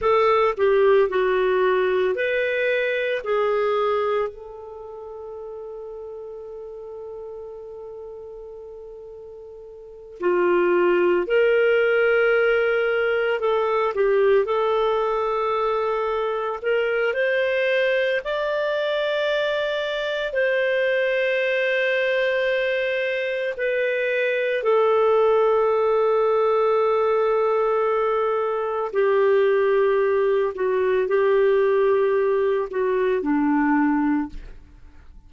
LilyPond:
\new Staff \with { instrumentName = "clarinet" } { \time 4/4 \tempo 4 = 56 a'8 g'8 fis'4 b'4 gis'4 | a'1~ | a'4. f'4 ais'4.~ | ais'8 a'8 g'8 a'2 ais'8 |
c''4 d''2 c''4~ | c''2 b'4 a'4~ | a'2. g'4~ | g'8 fis'8 g'4. fis'8 d'4 | }